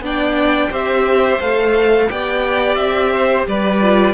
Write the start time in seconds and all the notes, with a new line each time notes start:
0.00 B3 D4 D5
0.06 G5
0.70 C4 G4 C5 E5
1.41 A3 A4 F5
2.09 B3 G4 D5 G5
2.75 C4 E5
3.13 C5
3.47 G3 B4 D5
3.82 F4